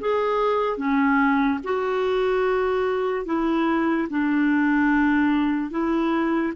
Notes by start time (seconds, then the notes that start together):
0.00 G#4
0.77 C#4
1.64 F#4
3.25 E4
4.10 D4
5.70 E4